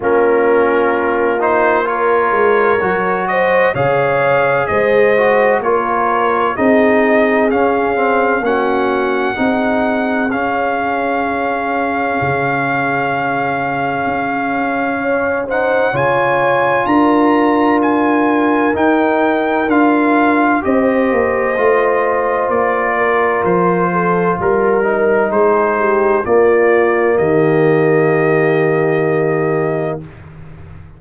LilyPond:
<<
  \new Staff \with { instrumentName = "trumpet" } { \time 4/4 \tempo 4 = 64 ais'4. c''8 cis''4. dis''8 | f''4 dis''4 cis''4 dis''4 | f''4 fis''2 f''4~ | f''1~ |
f''8 fis''8 gis''4 ais''4 gis''4 | g''4 f''4 dis''2 | d''4 c''4 ais'4 c''4 | d''4 dis''2. | }
  \new Staff \with { instrumentName = "horn" } { \time 4/4 f'2 ais'4. c''8 | cis''4 c''4 ais'4 gis'4~ | gis'4 fis'4 gis'2~ | gis'1 |
cis''8 c''8 cis''4 ais'2~ | ais'2 c''2~ | c''8 ais'4 a'8 ais'4 gis'8 g'8 | f'4 g'2. | }
  \new Staff \with { instrumentName = "trombone" } { \time 4/4 cis'4. dis'8 f'4 fis'4 | gis'4. fis'8 f'4 dis'4 | cis'8 c'8 cis'4 dis'4 cis'4~ | cis'1~ |
cis'8 dis'8 f'2. | dis'4 f'4 g'4 f'4~ | f'2~ f'8 dis'4. | ais1 | }
  \new Staff \with { instrumentName = "tuba" } { \time 4/4 ais2~ ais8 gis8 fis4 | cis4 gis4 ais4 c'4 | cis'4 ais4 c'4 cis'4~ | cis'4 cis2 cis'4~ |
cis'4 cis4 d'2 | dis'4 d'4 c'8 ais8 a4 | ais4 f4 g4 gis4 | ais4 dis2. | }
>>